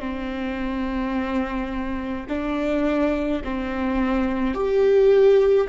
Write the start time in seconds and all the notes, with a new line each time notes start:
0.00 C4
2.28 D4
3.44 C4
4.54 G4